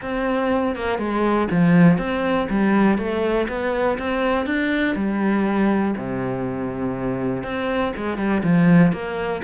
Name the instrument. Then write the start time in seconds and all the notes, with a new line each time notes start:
cello
0.02 C4
0.75 A#3
0.98 G#3
1.50 F3
1.98 C4
2.49 G3
2.98 A3
3.48 B3
3.98 C4
4.45 D4
4.95 G3
5.96 C3
7.43 C4
7.96 G#3
8.17 G3
8.43 F3
8.92 A#3